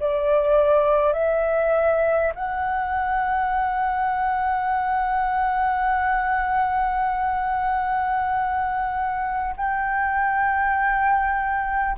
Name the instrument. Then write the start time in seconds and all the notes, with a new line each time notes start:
flute
0.00 D5
1.13 E5
2.35 F#5
9.56 G5